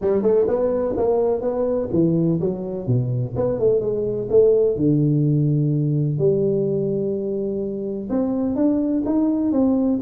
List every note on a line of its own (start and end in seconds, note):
0.01 0.22 G3
0.22 0.46 A3
0.47 0.95 B3
0.96 1.41 A#3
1.41 1.89 B3
1.92 2.40 E3
2.40 2.87 F#3
2.87 3.34 B2
3.36 3.59 B3
3.59 3.80 A3
3.80 4.27 G#3
4.29 4.76 A3
4.76 6.18 D3
6.18 8.08 G3
8.09 8.55 C4
8.55 9.03 D4
9.05 9.52 D#4
9.52 9.99 C4